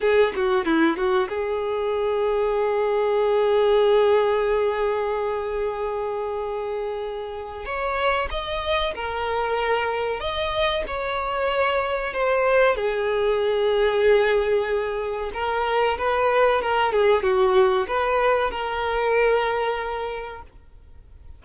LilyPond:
\new Staff \with { instrumentName = "violin" } { \time 4/4 \tempo 4 = 94 gis'8 fis'8 e'8 fis'8 gis'2~ | gis'1~ | gis'1 | cis''4 dis''4 ais'2 |
dis''4 cis''2 c''4 | gis'1 | ais'4 b'4 ais'8 gis'8 fis'4 | b'4 ais'2. | }